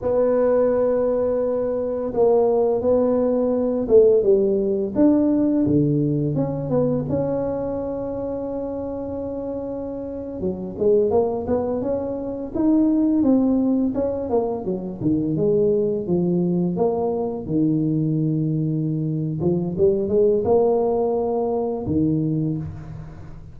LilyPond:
\new Staff \with { instrumentName = "tuba" } { \time 4/4 \tempo 4 = 85 b2. ais4 | b4. a8 g4 d'4 | d4 cis'8 b8 cis'2~ | cis'2~ cis'8. fis8 gis8 ais16~ |
ais16 b8 cis'4 dis'4 c'4 cis'16~ | cis'16 ais8 fis8 dis8 gis4 f4 ais16~ | ais8. dis2~ dis8. f8 | g8 gis8 ais2 dis4 | }